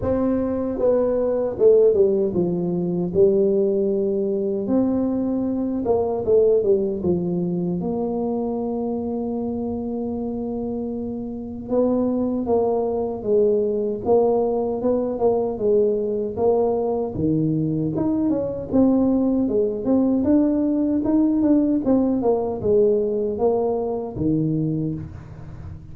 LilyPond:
\new Staff \with { instrumentName = "tuba" } { \time 4/4 \tempo 4 = 77 c'4 b4 a8 g8 f4 | g2 c'4. ais8 | a8 g8 f4 ais2~ | ais2. b4 |
ais4 gis4 ais4 b8 ais8 | gis4 ais4 dis4 dis'8 cis'8 | c'4 gis8 c'8 d'4 dis'8 d'8 | c'8 ais8 gis4 ais4 dis4 | }